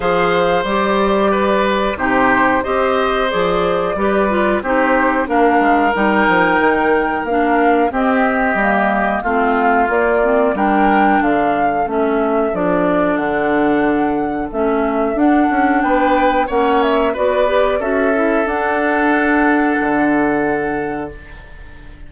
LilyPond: <<
  \new Staff \with { instrumentName = "flute" } { \time 4/4 \tempo 4 = 91 f''4 d''2 c''4 | dis''4 d''2 c''4 | f''4 g''2 f''4 | dis''2 f''4 d''4 |
g''4 f''4 e''4 d''4 | fis''2 e''4 fis''4 | g''4 fis''8 e''8 d''4 e''4 | fis''1 | }
  \new Staff \with { instrumentName = "oboe" } { \time 4/4 c''2 b'4 g'4 | c''2 b'4 g'4 | ais'1 | g'2 f'2 |
ais'4 a'2.~ | a'1 | b'4 cis''4 b'4 a'4~ | a'1 | }
  \new Staff \with { instrumentName = "clarinet" } { \time 4/4 gis'4 g'2 dis'4 | g'4 gis'4 g'8 f'8 dis'4 | d'4 dis'2 d'4 | c'4 ais4 c'4 ais8 c'8 |
d'2 cis'4 d'4~ | d'2 cis'4 d'4~ | d'4 cis'4 fis'8 g'8 fis'8 e'8 | d'1 | }
  \new Staff \with { instrumentName = "bassoon" } { \time 4/4 f4 g2 c4 | c'4 f4 g4 c'4 | ais8 gis8 g8 f8 dis4 ais4 | c'4 g4 a4 ais4 |
g4 d4 a4 f4 | d2 a4 d'8 cis'8 | b4 ais4 b4 cis'4 | d'2 d2 | }
>>